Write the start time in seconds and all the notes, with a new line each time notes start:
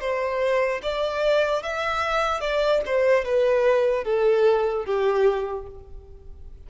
0.00 C5
0.83 D5
1.63 E5
2.41 D5
2.86 C5
3.25 B4
4.04 A4
4.85 G4